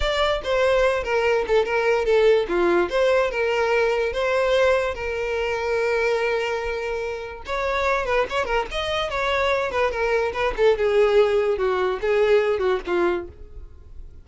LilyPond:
\new Staff \with { instrumentName = "violin" } { \time 4/4 \tempo 4 = 145 d''4 c''4. ais'4 a'8 | ais'4 a'4 f'4 c''4 | ais'2 c''2 | ais'1~ |
ais'2 cis''4. b'8 | cis''8 ais'8 dis''4 cis''4. b'8 | ais'4 b'8 a'8 gis'2 | fis'4 gis'4. fis'8 f'4 | }